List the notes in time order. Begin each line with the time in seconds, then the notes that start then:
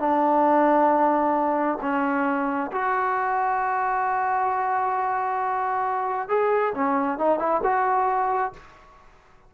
0.00 D4
1.82 C#4
2.72 F#4
6.29 G#4
6.75 C#4
7.18 D#4
7.39 E4
7.64 F#4